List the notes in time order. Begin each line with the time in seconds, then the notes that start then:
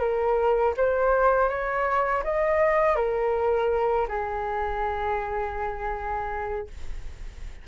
0.00 A#4
0.77 C5
1.49 C#5
2.24 D#5
2.96 A#4
4.08 G#4